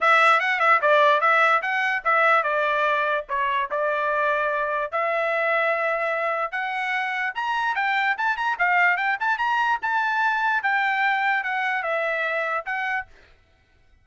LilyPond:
\new Staff \with { instrumentName = "trumpet" } { \time 4/4 \tempo 4 = 147 e''4 fis''8 e''8 d''4 e''4 | fis''4 e''4 d''2 | cis''4 d''2. | e''1 |
fis''2 ais''4 g''4 | a''8 ais''8 f''4 g''8 a''8 ais''4 | a''2 g''2 | fis''4 e''2 fis''4 | }